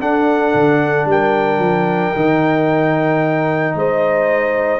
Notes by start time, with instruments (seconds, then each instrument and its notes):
0.00 tuba D4, trombone D4, horn A4, trumpet F#5
0.54 tuba D3
1.06 tuba G3, horn A#4, trumpet G5
1.58 tuba F3
2.16 tuba D#3, trombone D#4
3.74 tuba G#3, horn C5, trumpet D#5